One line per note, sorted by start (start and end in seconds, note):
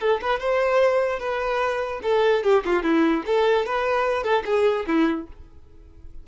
0.00 0.20 A4
0.21 0.39 B4
0.39 1.19 C5
1.19 2.00 B4
2.03 2.43 A4
2.43 2.63 G4
2.65 2.83 F4
2.83 3.24 E4
3.26 3.65 A4
3.65 4.23 B4
4.23 4.43 A4
4.45 4.86 G#4
4.87 5.27 E4